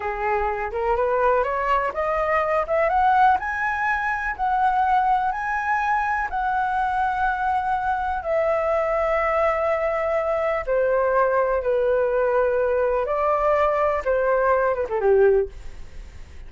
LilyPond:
\new Staff \with { instrumentName = "flute" } { \time 4/4 \tempo 4 = 124 gis'4. ais'8 b'4 cis''4 | dis''4. e''8 fis''4 gis''4~ | gis''4 fis''2 gis''4~ | gis''4 fis''2.~ |
fis''4 e''2.~ | e''2 c''2 | b'2. d''4~ | d''4 c''4. b'16 a'16 g'4 | }